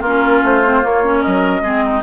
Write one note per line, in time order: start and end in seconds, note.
0.00 0.41 A#3
0.00 0.64 C#4
0.00 1.20 F4
0.00 0.43 A#4
0.42 0.82 A3
0.42 0.85 C5
0.64 0.82 C4
0.82 1.02 A#3
0.82 1.24 A#3
0.82 1.22 C#5
1.03 1.63 C#4
1.20 1.61 F#3
1.20 1.61 A#4
1.20 2.02 D#5
1.61 2.01 G#3
1.61 2.03 C4
1.61 1.83 G#4
1.85 2.03 D#4